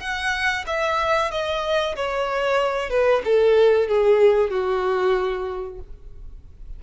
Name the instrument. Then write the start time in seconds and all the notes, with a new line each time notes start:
violin
0.00 F#5
0.67 E5
1.31 D#5
1.96 C#5
2.90 B4
3.25 A4
3.88 G#4
4.50 F#4